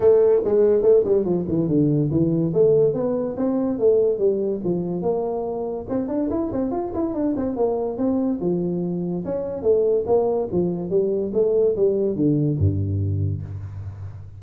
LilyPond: \new Staff \with { instrumentName = "tuba" } { \time 4/4 \tempo 4 = 143 a4 gis4 a8 g8 f8 e8 | d4 e4 a4 b4 | c'4 a4 g4 f4 | ais2 c'8 d'8 e'8 c'8 |
f'8 e'8 d'8 c'8 ais4 c'4 | f2 cis'4 a4 | ais4 f4 g4 a4 | g4 d4 g,2 | }